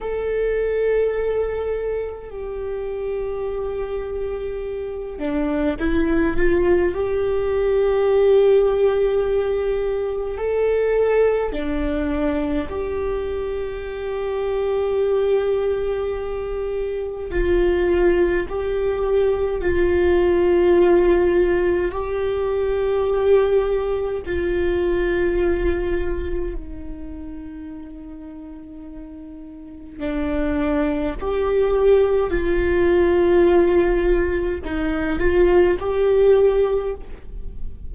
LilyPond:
\new Staff \with { instrumentName = "viola" } { \time 4/4 \tempo 4 = 52 a'2 g'2~ | g'8 d'8 e'8 f'8 g'2~ | g'4 a'4 d'4 g'4~ | g'2. f'4 |
g'4 f'2 g'4~ | g'4 f'2 dis'4~ | dis'2 d'4 g'4 | f'2 dis'8 f'8 g'4 | }